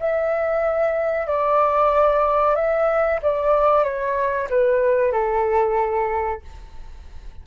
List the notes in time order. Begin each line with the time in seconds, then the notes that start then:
0.00 E5
1.27 D5
2.55 E5
3.22 D5
3.84 C#5
4.50 B4
5.12 A4